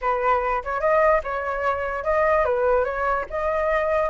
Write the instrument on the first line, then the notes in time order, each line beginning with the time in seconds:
flute
0.01 B4
0.64 C#5
0.80 D#5
1.23 C#5
2.04 D#5
2.44 B4
2.84 C#5
3.30 D#5